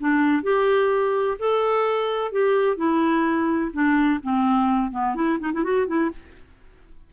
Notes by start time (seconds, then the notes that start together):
0.00 D4
0.44 G4
1.39 A4
2.32 G4
2.77 E4
3.73 D4
4.23 C4
4.92 B3
5.15 E4
5.40 D#4
5.54 E4
5.64 F#4
5.88 E4